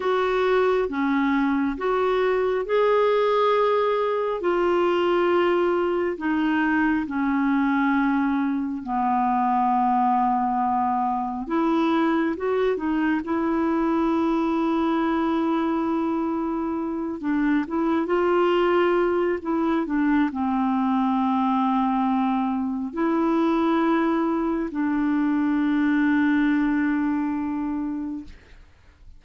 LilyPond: \new Staff \with { instrumentName = "clarinet" } { \time 4/4 \tempo 4 = 68 fis'4 cis'4 fis'4 gis'4~ | gis'4 f'2 dis'4 | cis'2 b2~ | b4 e'4 fis'8 dis'8 e'4~ |
e'2.~ e'8 d'8 | e'8 f'4. e'8 d'8 c'4~ | c'2 e'2 | d'1 | }